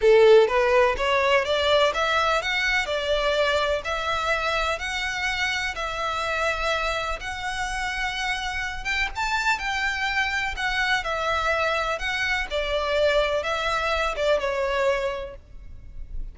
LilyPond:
\new Staff \with { instrumentName = "violin" } { \time 4/4 \tempo 4 = 125 a'4 b'4 cis''4 d''4 | e''4 fis''4 d''2 | e''2 fis''2 | e''2. fis''4~ |
fis''2~ fis''8 g''8 a''4 | g''2 fis''4 e''4~ | e''4 fis''4 d''2 | e''4. d''8 cis''2 | }